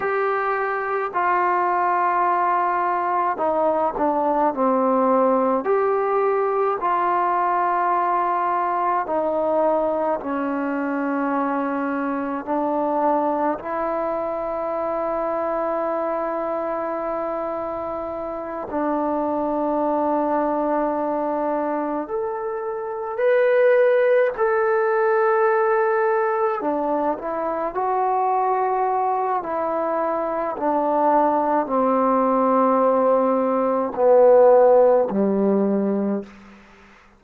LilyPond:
\new Staff \with { instrumentName = "trombone" } { \time 4/4 \tempo 4 = 53 g'4 f'2 dis'8 d'8 | c'4 g'4 f'2 | dis'4 cis'2 d'4 | e'1~ |
e'8 d'2. a'8~ | a'8 b'4 a'2 d'8 | e'8 fis'4. e'4 d'4 | c'2 b4 g4 | }